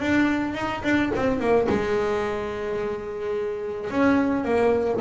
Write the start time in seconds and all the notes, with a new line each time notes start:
0.00 D4
0.55 D#4
0.84 D4
1.15 C4
1.40 A#3
1.69 G#3
3.90 C#4
4.44 A#3